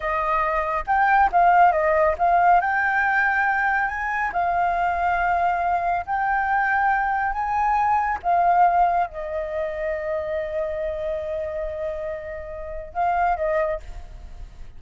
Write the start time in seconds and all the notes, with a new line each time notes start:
0.00 D#5
0.86 G5
1.32 F5
1.71 D#5
2.18 F5
2.61 G5
3.88 G#5
4.32 F5
6.06 G5
7.32 G#5
8.22 F5
9.06 D#5
12.93 F5
13.36 D#5